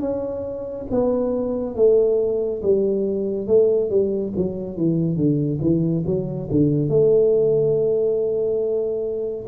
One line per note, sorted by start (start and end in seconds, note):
0.00 0.86 C#4
0.90 1.75 B3
1.75 2.61 A3
2.62 3.47 G3
3.47 3.90 A3
3.90 4.32 G3
4.36 4.76 F#3
4.76 5.16 E3
5.16 5.59 D3
5.61 6.04 E3
6.06 6.49 F#3
6.50 6.88 D3
6.88 9.46 A3